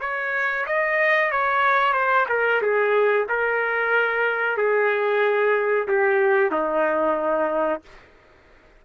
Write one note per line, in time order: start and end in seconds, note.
0.00 0.65 C#5
0.66 1.31 D#5
1.31 1.93 C#5
1.93 2.25 C5
2.29 2.61 A#4
2.61 3.27 G#4
3.28 4.57 A#4
4.57 5.87 G#4
5.88 6.51 G4
6.51 7.81 D#4